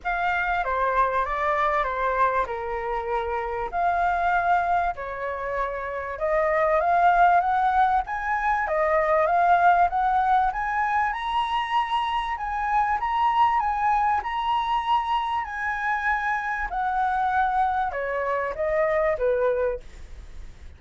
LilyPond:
\new Staff \with { instrumentName = "flute" } { \time 4/4 \tempo 4 = 97 f''4 c''4 d''4 c''4 | ais'2 f''2 | cis''2 dis''4 f''4 | fis''4 gis''4 dis''4 f''4 |
fis''4 gis''4 ais''2 | gis''4 ais''4 gis''4 ais''4~ | ais''4 gis''2 fis''4~ | fis''4 cis''4 dis''4 b'4 | }